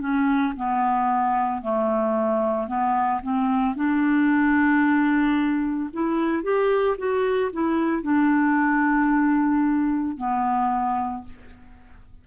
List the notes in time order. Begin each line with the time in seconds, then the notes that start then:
0.00 C#4
0.56 B3
1.62 A3
2.67 B3
3.22 C4
3.75 D4
5.93 E4
6.43 G4
6.97 F#4
7.52 E4
8.03 D4
10.17 B3